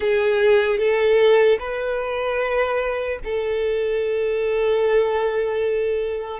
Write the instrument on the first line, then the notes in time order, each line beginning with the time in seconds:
violin
0.00 G#4
0.78 A4
1.59 B4
3.24 A4